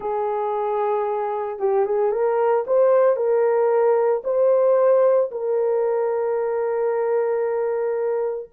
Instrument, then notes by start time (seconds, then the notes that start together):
horn
0.00 G#4
1.59 G4
1.85 G#4
2.11 A#4
2.66 C5
3.16 A#4
4.24 C5
5.31 A#4